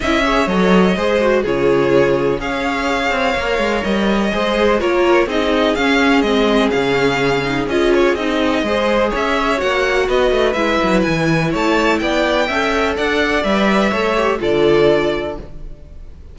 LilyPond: <<
  \new Staff \with { instrumentName = "violin" } { \time 4/4 \tempo 4 = 125 e''4 dis''2 cis''4~ | cis''4 f''2. | dis''2 cis''4 dis''4 | f''4 dis''4 f''2 |
dis''8 cis''8 dis''2 e''4 | fis''4 dis''4 e''4 gis''4 | a''4 g''2 fis''4 | e''2 d''2 | }
  \new Staff \with { instrumentName = "violin" } { \time 4/4 dis''8 cis''4. c''4 gis'4~ | gis'4 cis''2.~ | cis''4 c''4 ais'4 gis'4~ | gis'1~ |
gis'2 c''4 cis''4~ | cis''4 b'2. | cis''4 d''4 e''4 d''4~ | d''4 cis''4 a'2 | }
  \new Staff \with { instrumentName = "viola" } { \time 4/4 e'8 gis'8 a'4 gis'8 fis'8 f'4~ | f'4 gis'2 ais'4~ | ais'4 gis'4 f'4 dis'4 | cis'4 c'4 cis'4. dis'8 |
f'4 dis'4 gis'2 | fis'2 e'2~ | e'2 a'2 | b'4 a'8 g'8 f'2 | }
  \new Staff \with { instrumentName = "cello" } { \time 4/4 cis'4 fis4 gis4 cis4~ | cis4 cis'4. c'8 ais8 gis8 | g4 gis4 ais4 c'4 | cis'4 gis4 cis2 |
cis'4 c'4 gis4 cis'4 | ais4 b8 a8 gis8 fis8 e4 | a4 b4 cis'4 d'4 | g4 a4 d2 | }
>>